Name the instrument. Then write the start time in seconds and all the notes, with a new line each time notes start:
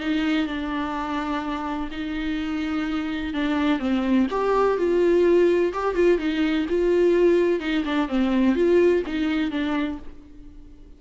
viola
0.00 D#4
0.47 D4
1.91 D#4
3.34 D4
3.79 C4
4.30 G4
4.78 F4
5.73 G4
5.95 F4
6.18 D#4
6.69 F4
7.60 D#4
7.85 D4
8.08 C4
8.55 F4
9.06 D#4
9.51 D4